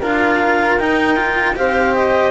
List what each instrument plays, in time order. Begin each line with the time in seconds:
0.00 double bass D4, cello F4, flute A#4, clarinet F5
0.77 double bass D#4, cello D#4, clarinet G5
1.16 cello F4
1.55 double bass C4, cello G4, flute C5, clarinet F5
1.94 clarinet D#5